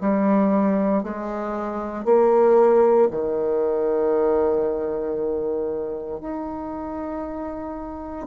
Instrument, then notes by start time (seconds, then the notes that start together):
bassoon
0.00 G3
1.03 G#3
2.05 A#3
3.11 D#3
6.20 D#4